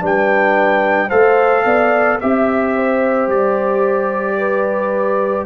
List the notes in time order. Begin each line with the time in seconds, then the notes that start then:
0.00 G3 D4 B4 G5
1.08 A3 A4 C5 F5
1.65 B3 D5
2.20 C4 G4 E5
2.76 C5
3.27 G3 D5
4.38 B4